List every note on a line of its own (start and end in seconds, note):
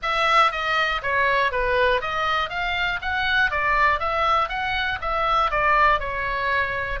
0.02 0.51 E5
0.51 1.01 D#5
1.02 1.51 C#5
1.51 2.01 B4
2.01 2.49 D#5
2.49 2.99 F5
3.01 3.50 F#5
3.50 3.99 D5
3.99 4.48 E5
4.48 4.98 F#5
5.01 5.50 E5
5.50 5.99 D5
5.99 6.99 C#5